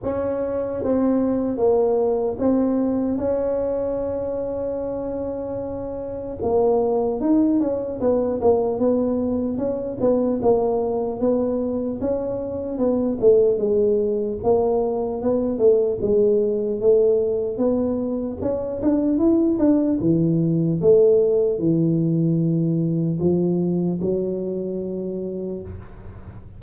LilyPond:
\new Staff \with { instrumentName = "tuba" } { \time 4/4 \tempo 4 = 75 cis'4 c'4 ais4 c'4 | cis'1 | ais4 dis'8 cis'8 b8 ais8 b4 | cis'8 b8 ais4 b4 cis'4 |
b8 a8 gis4 ais4 b8 a8 | gis4 a4 b4 cis'8 d'8 | e'8 d'8 e4 a4 e4~ | e4 f4 fis2 | }